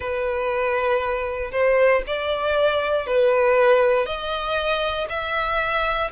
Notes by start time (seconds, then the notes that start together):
0.00 B4
1.51 C5
2.06 D5
3.06 B4
4.05 D#5
5.08 E5